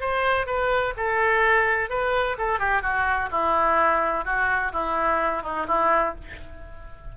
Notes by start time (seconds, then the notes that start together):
0.00 C5
0.46 B4
0.97 A4
1.89 B4
2.38 A4
2.59 G4
2.82 F#4
3.31 E4
4.24 F#4
4.72 E4
5.42 D#4
5.67 E4